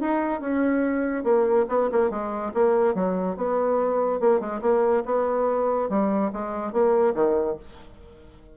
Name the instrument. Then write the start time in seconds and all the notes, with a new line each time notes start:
bassoon
0.00 D#4
0.40 C#4
1.23 A#3
1.68 B3
1.91 A#3
2.10 G#3
2.53 A#3
2.94 F#3
3.36 B3
4.20 A#3
4.40 G#3
4.61 A#3
5.05 B3
5.89 G3
6.32 G#3
6.72 A#3
7.14 D#3